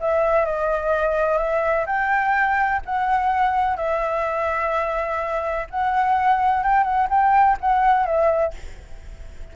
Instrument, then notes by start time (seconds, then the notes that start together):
flute
0.00 E5
0.45 D#5
1.37 E5
1.86 G5
2.85 F#5
3.76 E5
5.70 F#5
6.63 G5
6.83 F#5
7.10 G5
7.60 F#5
8.05 E5